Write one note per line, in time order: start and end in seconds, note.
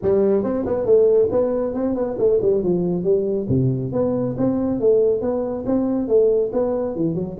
0.02 0.43 G3
0.43 0.65 C4
0.65 0.85 B3
0.85 1.28 A3
1.31 1.74 B3
1.74 1.95 C4
1.95 2.16 B3
2.18 2.40 A3
2.41 2.63 G3
2.63 3.03 F3
3.03 3.47 G3
3.48 3.92 C3
3.92 4.36 B3
4.37 4.79 C4
4.79 5.21 A3
5.21 5.64 B3
5.65 6.08 C4
6.08 6.51 A3
6.52 6.95 B3
6.95 7.15 E3
7.15 7.36 F#3